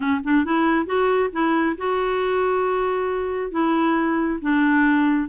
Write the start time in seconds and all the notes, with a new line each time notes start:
0.00 C#4
0.23 D4
0.44 E4
0.86 F#4
1.32 E4
1.77 F#4
3.51 E4
4.41 D4